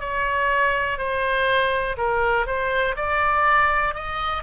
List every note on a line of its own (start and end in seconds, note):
0.00 0.98 C#5
0.98 1.96 C5
1.97 2.46 A#4
2.46 2.96 C5
2.96 3.94 D5
3.94 4.43 D#5